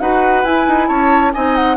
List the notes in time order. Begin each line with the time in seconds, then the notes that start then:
0.00 D#4 F#4 B4 F#5
0.44 E4 G#5
0.67 D#4
0.88 C#4 C#5 A5
1.33 C4 D#4 D#5 G#5
1.55 F#5